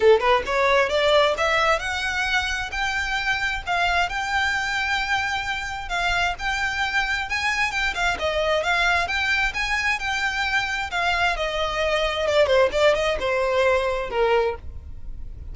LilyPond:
\new Staff \with { instrumentName = "violin" } { \time 4/4 \tempo 4 = 132 a'8 b'8 cis''4 d''4 e''4 | fis''2 g''2 | f''4 g''2.~ | g''4 f''4 g''2 |
gis''4 g''8 f''8 dis''4 f''4 | g''4 gis''4 g''2 | f''4 dis''2 d''8 c''8 | d''8 dis''8 c''2 ais'4 | }